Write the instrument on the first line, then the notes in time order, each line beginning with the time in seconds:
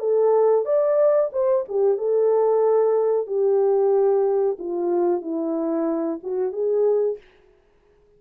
horn
0.00 A4
0.65 D5
1.33 C5
1.68 G4
1.98 A4
3.27 G4
4.59 F4
5.22 E4
6.23 F#4
6.52 G#4